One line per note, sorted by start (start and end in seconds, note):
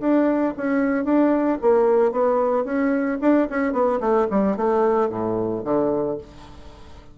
0.00 0.54 D4
0.57 1.04 C#4
1.04 1.58 D4
1.61 2.11 A#3
2.11 2.64 B3
2.64 3.18 C#4
3.20 3.47 D4
3.49 3.72 C#4
3.72 3.99 B3
4.00 4.27 A3
4.30 4.56 G3
4.56 5.09 A3
5.09 5.62 A2
5.64 6.17 D3